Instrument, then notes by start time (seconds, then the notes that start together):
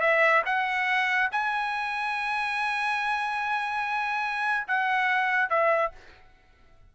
trumpet
0.00 E5
0.45 F#5
1.31 G#5
4.67 F#5
5.49 E5